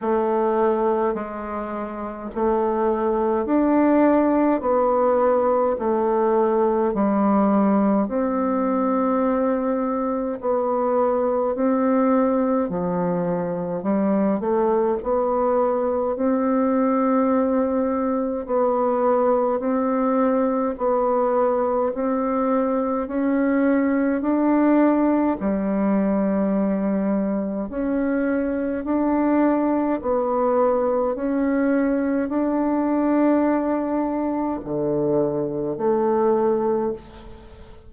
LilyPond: \new Staff \with { instrumentName = "bassoon" } { \time 4/4 \tempo 4 = 52 a4 gis4 a4 d'4 | b4 a4 g4 c'4~ | c'4 b4 c'4 f4 | g8 a8 b4 c'2 |
b4 c'4 b4 c'4 | cis'4 d'4 g2 | cis'4 d'4 b4 cis'4 | d'2 d4 a4 | }